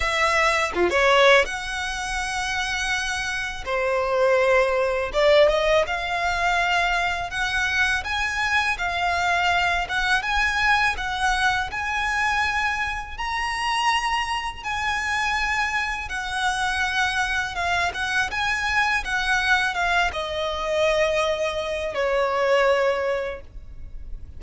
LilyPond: \new Staff \with { instrumentName = "violin" } { \time 4/4 \tempo 4 = 82 e''4 f'16 cis''8. fis''2~ | fis''4 c''2 d''8 dis''8 | f''2 fis''4 gis''4 | f''4. fis''8 gis''4 fis''4 |
gis''2 ais''2 | gis''2 fis''2 | f''8 fis''8 gis''4 fis''4 f''8 dis''8~ | dis''2 cis''2 | }